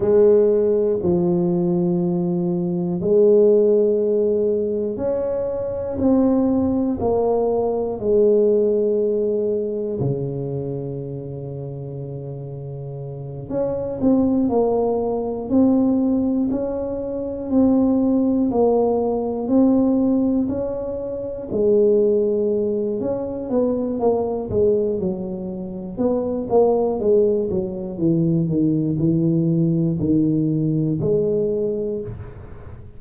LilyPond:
\new Staff \with { instrumentName = "tuba" } { \time 4/4 \tempo 4 = 60 gis4 f2 gis4~ | gis4 cis'4 c'4 ais4 | gis2 cis2~ | cis4. cis'8 c'8 ais4 c'8~ |
c'8 cis'4 c'4 ais4 c'8~ | c'8 cis'4 gis4. cis'8 b8 | ais8 gis8 fis4 b8 ais8 gis8 fis8 | e8 dis8 e4 dis4 gis4 | }